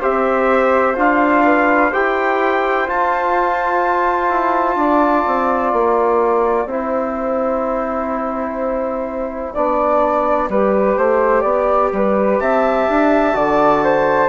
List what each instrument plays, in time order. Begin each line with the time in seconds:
0.00 bassoon C4, trombone G4, flute C5, trumpet E5
0.95 bassoon D4, trombone F4, trumpet F5
1.44 flute B4
1.90 bassoon E4, trombone G4, flute C5, trumpet G5
2.87 trombone F4, bassoon F4, trumpet A5
4.29 bassoon E4
4.75 bassoon D4, flute D5
5.27 bassoon C4
5.72 bassoon A#3, trumpet G5
6.65 bassoon C4, trombone E4, flute C5
9.53 bassoon B3, trombone D4, flute D5
10.49 bassoon G3, trombone G4, flute B4
10.97 bassoon A3, flute C5
11.41 bassoon B3, flute D5
11.92 bassoon G3, flute B4
12.39 bassoon C4, flute E5, trumpet A5
12.88 bassoon D4
13.33 bassoon D3, trombone F#4, flute D5
13.83 flute C5